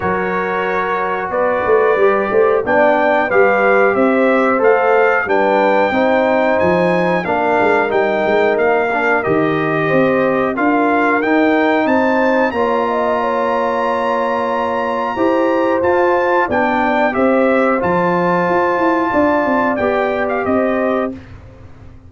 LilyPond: <<
  \new Staff \with { instrumentName = "trumpet" } { \time 4/4 \tempo 4 = 91 cis''2 d''2 | g''4 f''4 e''4 f''4 | g''2 gis''4 f''4 | g''4 f''4 dis''2 |
f''4 g''4 a''4 ais''4~ | ais''1 | a''4 g''4 e''4 a''4~ | a''2 g''8. f''16 dis''4 | }
  \new Staff \with { instrumentName = "horn" } { \time 4/4 ais'2 b'4. c''8 | d''4 b'4 c''2 | b'4 c''2 ais'4~ | ais'2. c''4 |
ais'2 c''4 cis''8 dis''8 | cis''2. c''4~ | c''4 d''4 c''2~ | c''4 d''2 c''4 | }
  \new Staff \with { instrumentName = "trombone" } { \time 4/4 fis'2. g'4 | d'4 g'2 a'4 | d'4 dis'2 d'4 | dis'4. d'8 g'2 |
f'4 dis'2 f'4~ | f'2. g'4 | f'4 d'4 g'4 f'4~ | f'2 g'2 | }
  \new Staff \with { instrumentName = "tuba" } { \time 4/4 fis2 b8 a8 g8 a8 | b4 g4 c'4 a4 | g4 c'4 f4 ais8 gis8 | g8 gis8 ais4 dis4 c'4 |
d'4 dis'4 c'4 ais4~ | ais2. e'4 | f'4 b4 c'4 f4 | f'8 e'8 d'8 c'8 b4 c'4 | }
>>